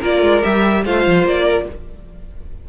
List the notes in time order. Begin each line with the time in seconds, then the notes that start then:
0.00 A#3 F4 A#4 D5
0.22 G#3
0.42 G3 G4 E5
0.85 A3 F4 C5 F5
1.06 F3
1.24 A#3 D5
1.44 A#4